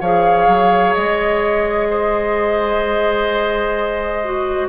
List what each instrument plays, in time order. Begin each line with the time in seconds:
0.00 bassoon F3, clarinet G#4, oboe C#5, flute F5
0.47 bassoon F#3
0.94 bassoon G#3, flute D#5
1.89 oboe C5
4.24 clarinet F#4